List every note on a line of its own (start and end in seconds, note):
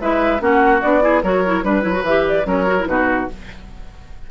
0.00 0.40 G#3
0.00 0.39 E4
0.00 0.42 B4
0.00 0.42 E5
0.39 0.81 A#3
0.39 0.80 C#4
0.39 1.03 F#4
0.39 0.82 F#5
0.82 1.23 B3
0.82 1.01 D4
0.82 1.23 D5
1.01 1.22 E4
1.01 1.23 G#4
1.23 1.64 F#3
1.23 1.44 F#4
1.23 1.64 A#4
1.23 1.64 C#5
1.45 1.63 E4
1.63 1.84 G3
1.63 1.82 D4
1.63 2.05 B4
1.63 2.47 B4
1.82 2.03 F#3
1.82 1.92 E4
1.92 2.02 F#4
2.03 2.44 E3
2.03 2.44 G4
2.03 2.26 E5
2.27 2.48 D5
2.44 2.86 F#3
2.44 2.64 C#4
2.44 2.88 A#4
2.44 2.86 C#5
2.67 2.77 F#4
2.79 2.87 E4
2.86 3.28 B2
2.86 3.28 D#4
2.86 3.30 F#4
2.86 3.27 B4